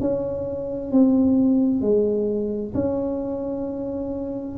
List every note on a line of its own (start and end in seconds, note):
0.00 0.91 C#4
0.91 1.81 C4
1.81 2.74 G#3
2.74 4.58 C#4